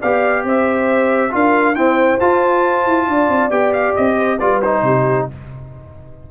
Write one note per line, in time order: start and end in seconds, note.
0.00 0.44 B3
0.00 1.30 G4
0.00 0.44 D5
0.00 0.45 F5
0.44 1.32 C4
0.44 1.33 C5
0.44 1.35 E5
1.30 1.76 D4
1.30 1.74 F4
1.30 1.78 A#4
1.30 1.75 F5
1.75 2.18 C4
1.75 2.20 E4
1.75 3.08 C5
1.75 2.19 G5
2.20 2.86 F4
2.20 3.51 F4
2.20 3.51 A5
2.86 3.08 E4
3.08 3.29 D4
3.08 4.17 D5
3.29 3.50 C4
3.50 3.94 B3
3.50 4.38 G4
3.50 3.73 G5
3.73 3.95 F5
3.96 4.41 C4
3.96 4.39 D#5
4.17 4.38 C5
4.39 4.82 G3
4.39 4.63 F4
4.39 4.83 B4
4.39 4.61 D5
4.62 5.31 D#4
4.62 5.28 C5
4.82 5.26 C3
4.82 5.29 G4